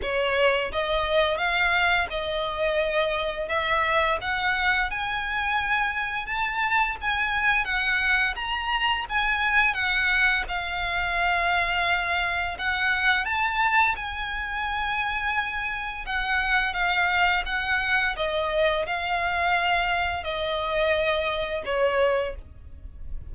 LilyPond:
\new Staff \with { instrumentName = "violin" } { \time 4/4 \tempo 4 = 86 cis''4 dis''4 f''4 dis''4~ | dis''4 e''4 fis''4 gis''4~ | gis''4 a''4 gis''4 fis''4 | ais''4 gis''4 fis''4 f''4~ |
f''2 fis''4 a''4 | gis''2. fis''4 | f''4 fis''4 dis''4 f''4~ | f''4 dis''2 cis''4 | }